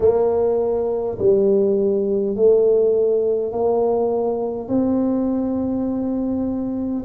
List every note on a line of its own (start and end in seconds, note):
0.00 1.18 A#3
1.18 2.35 G3
2.35 3.51 A3
3.51 4.68 A#3
4.68 7.03 C4